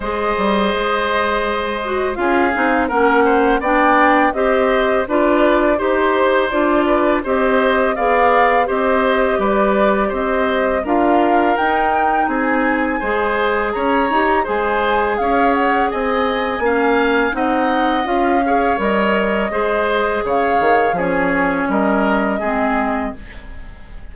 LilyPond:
<<
  \new Staff \with { instrumentName = "flute" } { \time 4/4 \tempo 4 = 83 dis''2. f''4 | fis''4 g''4 dis''4 d''4 | c''4 d''4 dis''4 f''4 | dis''4 d''4 dis''4 f''4 |
g''4 gis''2 ais''4 | gis''4 f''8 fis''8 gis''2 | fis''4 f''4 dis''2 | f''4 cis''4 dis''2 | }
  \new Staff \with { instrumentName = "oboe" } { \time 4/4 c''2. gis'4 | ais'8 c''8 d''4 c''4 b'4 | c''4. b'8 c''4 d''4 | c''4 b'4 c''4 ais'4~ |
ais'4 gis'4 c''4 cis''4 | c''4 cis''4 dis''4 f''4 | dis''4. cis''4. c''4 | cis''4 gis'4 ais'4 gis'4 | }
  \new Staff \with { instrumentName = "clarinet" } { \time 4/4 gis'2~ gis'8 fis'8 f'8 dis'8 | cis'4 d'4 g'4 f'4 | g'4 f'4 g'4 gis'4 | g'2. f'4 |
dis'2 gis'4. g'8 | gis'2. cis'4 | dis'4 f'8 gis'8 ais'4 gis'4~ | gis'4 cis'2 c'4 | }
  \new Staff \with { instrumentName = "bassoon" } { \time 4/4 gis8 g8 gis2 cis'8 c'8 | ais4 b4 c'4 d'4 | dis'4 d'4 c'4 b4 | c'4 g4 c'4 d'4 |
dis'4 c'4 gis4 cis'8 dis'8 | gis4 cis'4 c'4 ais4 | c'4 cis'4 g4 gis4 | cis8 dis8 f4 g4 gis4 | }
>>